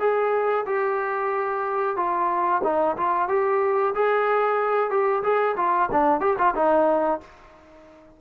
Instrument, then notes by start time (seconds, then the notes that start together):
trombone
0.00 G#4
0.66 G4
1.97 F4
2.64 D#4
2.97 F4
3.29 G4
3.95 G#4
4.90 G4
5.23 G#4
5.57 F4
5.92 D4
6.20 G4
6.38 F4
6.55 D#4